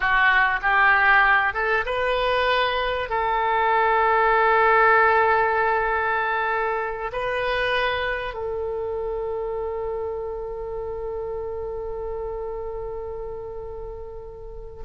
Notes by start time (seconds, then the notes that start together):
0.00 F#4
0.62 G4
1.53 A4
1.85 B4
3.09 A4
7.12 B4
8.34 A4